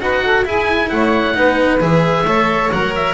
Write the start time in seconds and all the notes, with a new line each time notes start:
0.00 D#4 F#4 B4 F#5
0.23 A4
0.44 E4 G#4 G#5
0.90 A3 C#5 F#5
1.34 B3 D#4 B4
1.80 E3 G#4 E5
2.24 A3 A4 C#5
2.71 F#3 A#4 F#5
2.95 E5